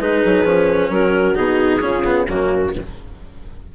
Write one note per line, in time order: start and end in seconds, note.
0.00 0.23 G#3
0.00 0.45 D#4
0.00 0.91 G#4
0.00 0.92 B4
0.25 0.45 F#3
0.45 0.90 F3
0.45 1.35 C#4
0.90 1.35 F#3
0.90 1.82 F#4
0.90 1.36 A#4
1.35 1.82 B2
1.35 1.80 D#4
1.35 2.27 G#4
1.81 2.28 C#3
1.81 2.04 C#4
1.81 2.28 F4
2.04 2.27 B3
2.28 2.74 F#2
2.28 2.75 A#3
2.28 2.74 C#4
2.28 2.73 F#4